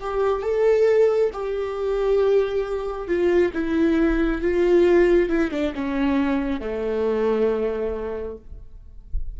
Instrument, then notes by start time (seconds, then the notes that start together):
viola
0.00 G4
0.42 A4
1.33 G4
3.07 F4
3.53 E4
4.42 F4
5.29 E4
5.51 D4
5.75 C#4
6.61 A3